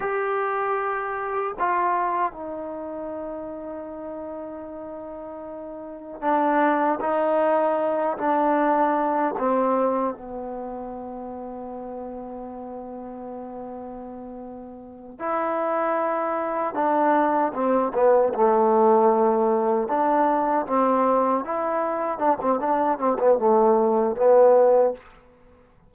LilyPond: \new Staff \with { instrumentName = "trombone" } { \time 4/4 \tempo 4 = 77 g'2 f'4 dis'4~ | dis'1 | d'4 dis'4. d'4. | c'4 b2.~ |
b2.~ b8 e'8~ | e'4. d'4 c'8 b8 a8~ | a4. d'4 c'4 e'8~ | e'8 d'16 c'16 d'8 c'16 b16 a4 b4 | }